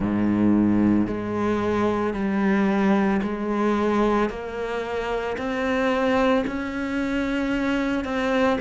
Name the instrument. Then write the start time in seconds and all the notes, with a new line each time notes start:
cello
0.00 G#2
1.07 G#3
2.13 G3
3.22 G#3
4.29 A#3
5.37 C4
6.46 C#4
8.04 C4